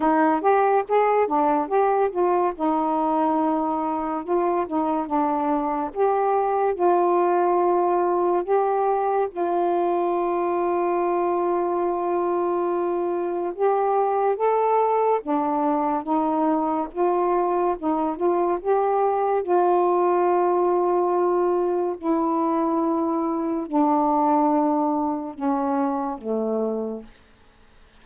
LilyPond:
\new Staff \with { instrumentName = "saxophone" } { \time 4/4 \tempo 4 = 71 dis'8 g'8 gis'8 d'8 g'8 f'8 dis'4~ | dis'4 f'8 dis'8 d'4 g'4 | f'2 g'4 f'4~ | f'1 |
g'4 a'4 d'4 dis'4 | f'4 dis'8 f'8 g'4 f'4~ | f'2 e'2 | d'2 cis'4 a4 | }